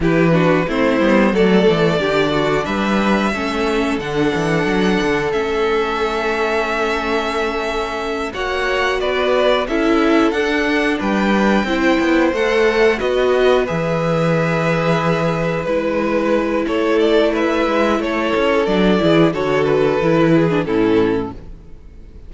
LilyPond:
<<
  \new Staff \with { instrumentName = "violin" } { \time 4/4 \tempo 4 = 90 b'4 c''4 d''2 | e''2 fis''2 | e''1~ | e''8 fis''4 d''4 e''4 fis''8~ |
fis''8 g''2 fis''4 dis''8~ | dis''8 e''2. b'8~ | b'4 cis''8 d''8 e''4 cis''4 | d''4 cis''8 b'4. a'4 | }
  \new Staff \with { instrumentName = "violin" } { \time 4/4 g'8 fis'8 e'4 a'4 g'8 fis'8 | b'4 a'2.~ | a'1~ | a'8 cis''4 b'4 a'4.~ |
a'8 b'4 c''2 b'8~ | b'1~ | b'4 a'4 b'4 a'4~ | a'8 gis'8 a'4. gis'8 e'4 | }
  \new Staff \with { instrumentName = "viola" } { \time 4/4 e'8 d'8 c'8 b8 a4 d'4~ | d'4 cis'4 d'2 | cis'1~ | cis'8 fis'2 e'4 d'8~ |
d'4. e'4 a'4 fis'8~ | fis'8 gis'2. e'8~ | e'1 | d'8 e'8 fis'4 e'8. d'16 cis'4 | }
  \new Staff \with { instrumentName = "cello" } { \time 4/4 e4 a8 g8 fis8 e8 d4 | g4 a4 d8 e8 fis8 d8 | a1~ | a8 ais4 b4 cis'4 d'8~ |
d'8 g4 c'8 b8 a4 b8~ | b8 e2. gis8~ | gis4 a4. gis8 a8 cis'8 | fis8 e8 d4 e4 a,4 | }
>>